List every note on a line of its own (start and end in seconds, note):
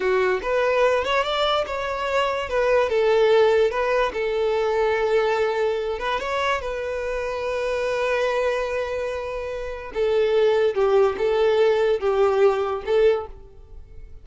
0.00 0.40 F#4
0.42 1.04 B4
1.04 1.23 C#5
1.23 1.64 D5
1.66 2.49 C#5
2.49 2.89 B4
2.89 3.70 A4
3.70 4.12 B4
4.13 5.99 A4
5.99 6.20 B4
6.20 6.61 C#5
6.61 9.92 B4
9.93 10.74 A4
10.74 11.16 G4
11.18 12.00 A4
12.00 12.82 G4
12.85 13.26 A4